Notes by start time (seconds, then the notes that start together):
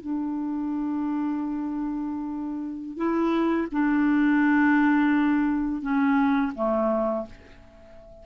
0.00 D4
2.96 E4
3.72 D4
5.81 C#4
6.55 A3